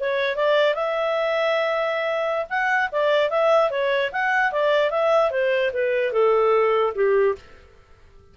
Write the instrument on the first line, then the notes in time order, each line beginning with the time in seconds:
clarinet
0.00 C#5
0.36 D5
0.74 E5
2.50 F#5
2.92 D5
3.30 E5
3.70 C#5
4.12 F#5
4.52 D5
4.91 E5
5.31 C5
5.73 B4
6.13 A4
6.95 G4